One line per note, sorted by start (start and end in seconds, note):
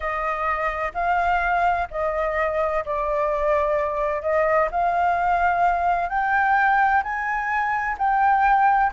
0.00 0.92 D#5
0.94 1.87 F5
1.90 2.84 D#5
2.85 4.22 D5
4.22 4.69 D#5
4.71 6.09 F5
6.09 7.02 G5
7.03 7.96 G#5
7.98 8.91 G5